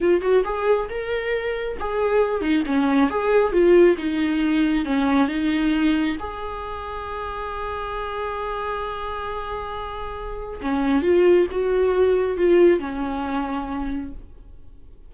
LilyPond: \new Staff \with { instrumentName = "viola" } { \time 4/4 \tempo 4 = 136 f'8 fis'8 gis'4 ais'2 | gis'4. dis'8 cis'4 gis'4 | f'4 dis'2 cis'4 | dis'2 gis'2~ |
gis'1~ | gis'1 | cis'4 f'4 fis'2 | f'4 cis'2. | }